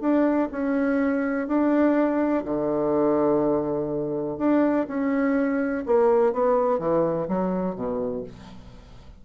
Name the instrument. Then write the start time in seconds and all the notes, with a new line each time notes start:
bassoon
0.00 D4
0.51 C#4
1.47 D4
2.44 D3
4.38 D4
4.87 C#4
5.86 A#3
6.33 B3
6.78 E3
7.28 F#3
7.75 B2